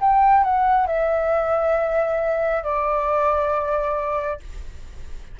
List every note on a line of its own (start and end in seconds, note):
0.00 0.43 G5
0.43 0.87 F#5
0.87 2.63 E5
2.63 4.39 D5